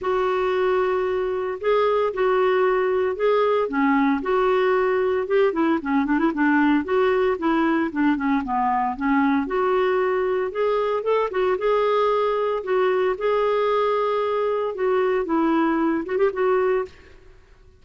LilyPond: \new Staff \with { instrumentName = "clarinet" } { \time 4/4 \tempo 4 = 114 fis'2. gis'4 | fis'2 gis'4 cis'4 | fis'2 g'8 e'8 cis'8 d'16 e'16 | d'4 fis'4 e'4 d'8 cis'8 |
b4 cis'4 fis'2 | gis'4 a'8 fis'8 gis'2 | fis'4 gis'2. | fis'4 e'4. fis'16 g'16 fis'4 | }